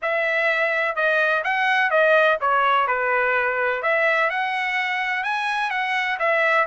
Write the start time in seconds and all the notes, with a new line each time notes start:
0.02 E5
0.95 D#5
1.44 F#5
1.90 D#5
2.40 C#5
2.87 B4
3.82 E5
4.30 F#5
5.23 G#5
5.70 F#5
6.19 E5